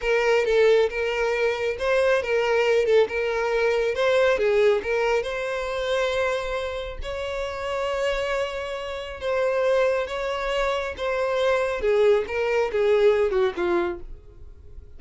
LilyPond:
\new Staff \with { instrumentName = "violin" } { \time 4/4 \tempo 4 = 137 ais'4 a'4 ais'2 | c''4 ais'4. a'8 ais'4~ | ais'4 c''4 gis'4 ais'4 | c''1 |
cis''1~ | cis''4 c''2 cis''4~ | cis''4 c''2 gis'4 | ais'4 gis'4. fis'8 f'4 | }